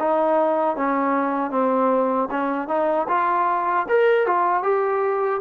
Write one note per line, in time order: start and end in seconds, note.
0.00 0.77 D#4
0.77 1.51 C#4
1.51 2.29 C4
2.31 2.68 C#4
2.68 3.07 D#4
3.09 3.86 F4
3.89 4.27 A#4
4.27 4.63 F4
4.63 5.41 G4